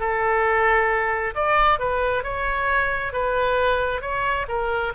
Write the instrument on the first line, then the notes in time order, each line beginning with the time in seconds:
oboe
0.00 A4
1.35 D5
1.79 B4
2.23 C#5
3.12 B4
4.01 C#5
4.48 A#4